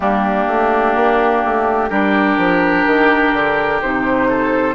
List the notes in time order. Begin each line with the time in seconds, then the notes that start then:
0.00 G3 A#3 D4 G4
0.47 A3
0.95 A#3
1.44 A3
1.89 G3 D4 G4 A#4
2.37 F3
2.86 D#3
3.33 D3
3.81 C3 D#4 C5
4.29 A4